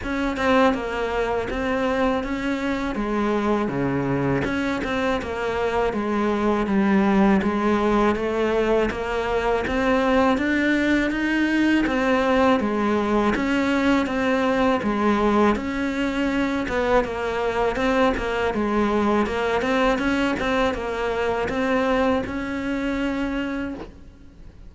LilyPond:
\new Staff \with { instrumentName = "cello" } { \time 4/4 \tempo 4 = 81 cis'8 c'8 ais4 c'4 cis'4 | gis4 cis4 cis'8 c'8 ais4 | gis4 g4 gis4 a4 | ais4 c'4 d'4 dis'4 |
c'4 gis4 cis'4 c'4 | gis4 cis'4. b8 ais4 | c'8 ais8 gis4 ais8 c'8 cis'8 c'8 | ais4 c'4 cis'2 | }